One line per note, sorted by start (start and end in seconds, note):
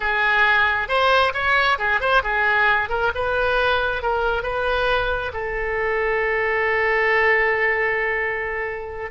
0.00 0.88 G#4
0.88 1.33 C5
1.33 1.78 C#5
1.78 2.00 G#4
2.00 2.22 C5
2.23 2.89 G#4
2.89 3.11 A#4
3.14 4.02 B4
4.02 4.43 A#4
4.43 5.32 B4
5.33 9.10 A4